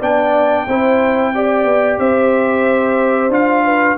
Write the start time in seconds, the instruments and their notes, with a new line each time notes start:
0.00 tuba B3, trombone D4, horn D5, trumpet G5
0.67 tuba C4, trombone E4, horn C5
1.34 trombone G4, horn D5
1.64 tuba B3
1.98 tuba C4, horn C5, trumpet E5
3.29 tuba D4, trombone F4, trumpet F5
3.64 horn B4